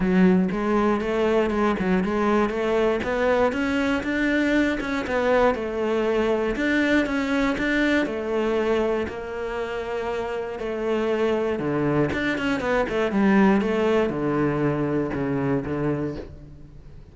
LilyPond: \new Staff \with { instrumentName = "cello" } { \time 4/4 \tempo 4 = 119 fis4 gis4 a4 gis8 fis8 | gis4 a4 b4 cis'4 | d'4. cis'8 b4 a4~ | a4 d'4 cis'4 d'4 |
a2 ais2~ | ais4 a2 d4 | d'8 cis'8 b8 a8 g4 a4 | d2 cis4 d4 | }